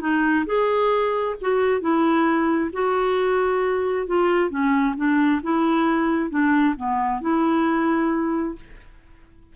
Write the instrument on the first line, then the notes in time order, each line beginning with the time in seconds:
clarinet
0.00 D#4
0.46 G#4
1.41 F#4
1.81 E4
2.73 F#4
4.07 F4
4.50 C#4
4.96 D4
5.43 E4
6.30 D4
6.76 B3
7.21 E4